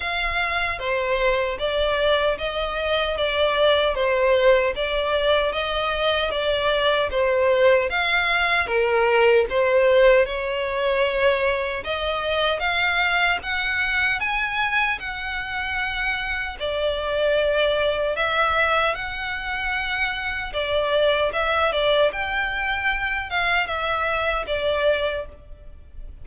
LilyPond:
\new Staff \with { instrumentName = "violin" } { \time 4/4 \tempo 4 = 76 f''4 c''4 d''4 dis''4 | d''4 c''4 d''4 dis''4 | d''4 c''4 f''4 ais'4 | c''4 cis''2 dis''4 |
f''4 fis''4 gis''4 fis''4~ | fis''4 d''2 e''4 | fis''2 d''4 e''8 d''8 | g''4. f''8 e''4 d''4 | }